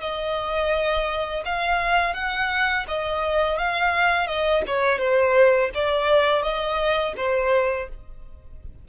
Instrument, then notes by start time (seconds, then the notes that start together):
violin
0.00 D#5
1.44 F5
2.14 F#5
2.88 D#5
3.58 F5
4.26 D#5
4.66 C#5
4.98 C5
5.74 D5
6.42 D#5
7.17 C5